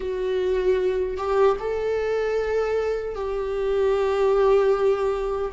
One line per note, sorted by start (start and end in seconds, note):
0.00 1.17 F#4
1.17 1.56 G4
1.59 3.15 A4
3.15 5.52 G4